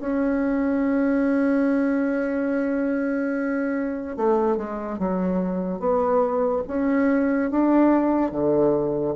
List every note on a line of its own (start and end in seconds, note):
0.00 4.16 C#4
4.16 4.57 A3
4.57 4.98 G#3
4.98 5.79 F#3
5.79 6.62 B3
6.67 7.50 C#4
7.50 8.31 D4
8.31 9.14 D3